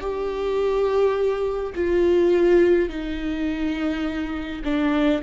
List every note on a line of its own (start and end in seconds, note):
0.00 1.73 G4
1.75 2.88 F4
2.88 4.62 D#4
4.64 5.21 D4